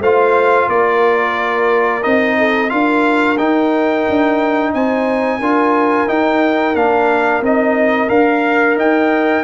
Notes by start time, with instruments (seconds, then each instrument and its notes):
0.00 tuba A3, trombone F4, horn C5, trumpet F5
0.68 tuba A#3, horn A#4, trumpet D5
2.02 tuba C4, trombone D#4, trumpet D#5
2.38 horn A4
2.69 tuba D4, trombone F4, horn A#4, trumpet F5
3.37 tuba D#4, trombone D#4, trumpet G5
4.09 tuba D4
4.74 tuba C4, horn C5, trumpet G#5
5.39 tuba D4, trombone F4, horn A#4
6.07 trombone D#4, tuba D#4, trumpet G5
6.75 tuba A#3, trombone D4, trumpet F5
7.41 tuba C4, trombone D#4, trumpet D#5
8.08 tuba D4, trombone A#4, trumpet F5
8.76 tuba D#4, horn D#5, trumpet G5